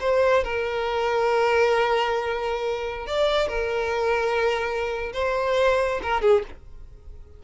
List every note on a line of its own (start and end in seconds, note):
0.00 0.44 C5
0.44 3.06 A#4
3.07 3.48 D5
3.48 5.12 A#4
5.13 6.01 C5
6.03 6.21 A#4
6.21 6.43 G#4